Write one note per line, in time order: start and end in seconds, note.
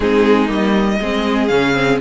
0.00 0.49 G#3
0.00 0.47 C4
0.00 0.99 D#4
0.00 0.49 G#4
0.47 0.99 G3
0.47 0.97 A#3
0.47 1.47 D#5
1.01 1.50 G#3
1.01 1.50 C4
1.01 2.00 G#4
1.47 2.00 C#3
1.47 1.74 C#4
1.47 1.97 F5
1.74 1.99 C4